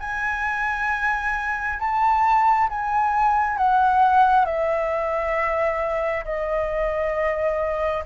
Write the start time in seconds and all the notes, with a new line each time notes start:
0.00 G#5
1.80 A5
2.69 G#5
3.58 F#5
4.45 E5
6.25 D#5